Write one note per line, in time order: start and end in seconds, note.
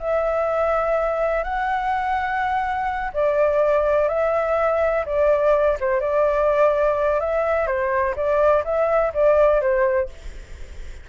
0.00 1.44 E5
1.44 3.12 F#5
3.14 4.09 D5
4.09 5.05 E5
5.06 5.78 D5
5.80 6.01 C5
6.01 7.20 D5
7.20 7.67 E5
7.67 8.15 C5
8.16 8.64 D5
8.65 9.13 E5
9.14 9.61 D5
9.61 10.09 C5